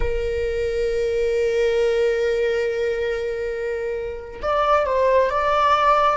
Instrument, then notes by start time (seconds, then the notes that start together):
viola
0.00 A#4
4.42 D5
4.86 C5
5.29 D5